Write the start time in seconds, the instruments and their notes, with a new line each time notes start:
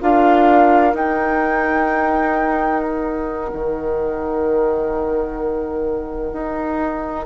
0.00 bassoon D4, clarinet F4, oboe A#4, flute F5
0.93 clarinet D#4, bassoon D#4, flute G5
2.83 flute F#5
3.52 bassoon D#3
6.32 bassoon D#4